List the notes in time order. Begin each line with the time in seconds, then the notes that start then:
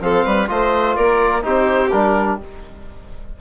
0.00 F3 C4 A4 F5
0.25 G3 B4
0.47 A3 F4 C5 D#5
0.95 A#3 A#4 D5
1.42 C4 D#4 G4 C5
1.90 G3 D4 A#4